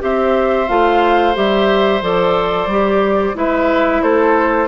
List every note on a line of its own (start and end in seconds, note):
0.00 0.69 C4
0.00 0.67 G4
0.00 3.37 C5
0.00 0.69 E5
0.68 1.36 A3
0.68 1.34 F4
0.68 1.35 F5
1.34 2.02 G3
1.34 2.01 G4
1.34 2.03 E5
2.02 2.67 F3
2.02 2.69 A4
2.02 3.37 D5
2.67 3.33 G3
2.67 3.34 G4
3.34 4.02 G#3
3.34 4.67 E4
3.34 4.03 B4
3.34 4.02 E5
4.02 4.68 A3
4.02 4.68 A4
4.02 4.68 C5